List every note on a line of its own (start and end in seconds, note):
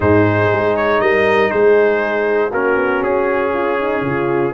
0.00 0.51 G#2
0.00 2.50 D#4
0.00 1.01 G#4
0.00 0.76 C5
0.52 1.00 G#3
0.76 1.00 C#5
1.00 1.51 G3
1.00 1.52 A#4
1.00 1.50 D#5
1.50 2.51 G#3
1.50 2.50 G#4
1.50 2.51 C5
2.50 2.75 A#3
2.50 4.53 C#4
2.50 3.51 F#4
2.50 3.03 A#4
2.75 3.01 B3
3.02 4.01 C#4
3.02 4.53 G#4
3.53 3.78 F4
3.78 4.04 D#4
4.01 4.52 C#3
4.01 4.53 F4